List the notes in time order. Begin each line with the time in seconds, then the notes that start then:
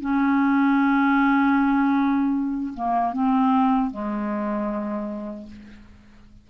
0.00 C#4
2.73 A#3
3.12 C4
3.90 G#3